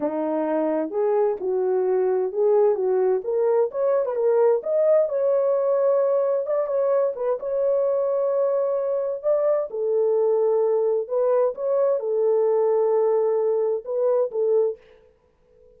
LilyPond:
\new Staff \with { instrumentName = "horn" } { \time 4/4 \tempo 4 = 130 dis'2 gis'4 fis'4~ | fis'4 gis'4 fis'4 ais'4 | cis''8. b'16 ais'4 dis''4 cis''4~ | cis''2 d''8 cis''4 b'8 |
cis''1 | d''4 a'2. | b'4 cis''4 a'2~ | a'2 b'4 a'4 | }